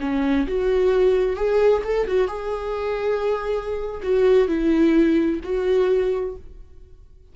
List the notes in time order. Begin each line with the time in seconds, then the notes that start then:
0.00 C#4
0.47 F#4
1.36 G#4
1.84 A4
2.07 F#4
2.28 G#4
4.02 F#4
4.47 E4
5.43 F#4